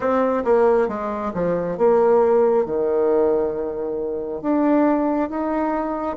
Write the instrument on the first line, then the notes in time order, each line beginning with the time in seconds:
bassoon
0.00 C4
0.44 A#3
0.88 G#3
1.34 F3
1.77 A#3
2.65 D#3
4.41 D4
5.29 D#4